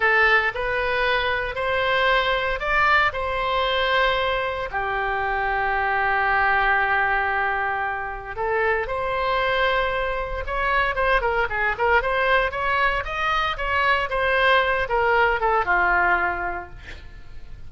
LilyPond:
\new Staff \with { instrumentName = "oboe" } { \time 4/4 \tempo 4 = 115 a'4 b'2 c''4~ | c''4 d''4 c''2~ | c''4 g'2.~ | g'1 |
a'4 c''2. | cis''4 c''8 ais'8 gis'8 ais'8 c''4 | cis''4 dis''4 cis''4 c''4~ | c''8 ais'4 a'8 f'2 | }